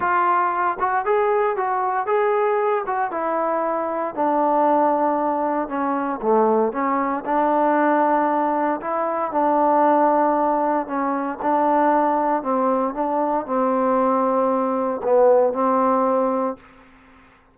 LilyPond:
\new Staff \with { instrumentName = "trombone" } { \time 4/4 \tempo 4 = 116 f'4. fis'8 gis'4 fis'4 | gis'4. fis'8 e'2 | d'2. cis'4 | a4 cis'4 d'2~ |
d'4 e'4 d'2~ | d'4 cis'4 d'2 | c'4 d'4 c'2~ | c'4 b4 c'2 | }